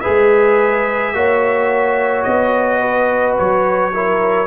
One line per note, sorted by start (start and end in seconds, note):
0.00 1.14 G#4
0.00 1.12 B4
0.00 2.22 E5
0.07 1.13 G#3
1.13 2.24 A#3
1.13 3.92 F#4
1.13 2.80 C#5
2.23 3.37 B3
2.23 3.34 D#5
2.80 3.91 B4
3.38 4.47 F#3
3.38 4.47 C#5
3.93 4.47 E4
3.93 4.47 A#4